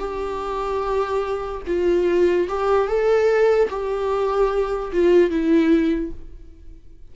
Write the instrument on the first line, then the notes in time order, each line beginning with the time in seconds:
viola
0.00 G4
1.67 F4
2.49 G4
2.88 A4
3.70 G4
4.93 F4
5.31 E4